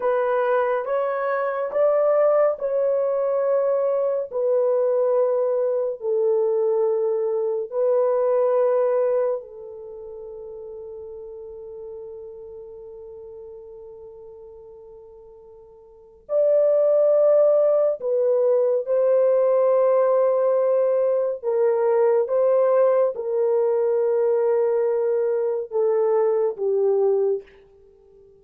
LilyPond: \new Staff \with { instrumentName = "horn" } { \time 4/4 \tempo 4 = 70 b'4 cis''4 d''4 cis''4~ | cis''4 b'2 a'4~ | a'4 b'2 a'4~ | a'1~ |
a'2. d''4~ | d''4 b'4 c''2~ | c''4 ais'4 c''4 ais'4~ | ais'2 a'4 g'4 | }